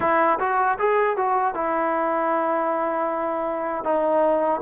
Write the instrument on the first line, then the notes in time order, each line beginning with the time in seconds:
trombone
0.00 E4
0.39 F#4
0.78 G#4
1.16 F#4
1.54 E4
3.84 D#4